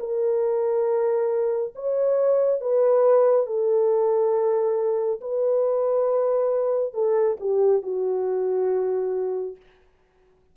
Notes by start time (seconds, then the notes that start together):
0.00 A#4
1.75 C#5
2.61 B4
3.47 A4
5.21 B4
6.94 A4
7.40 G4
7.83 F#4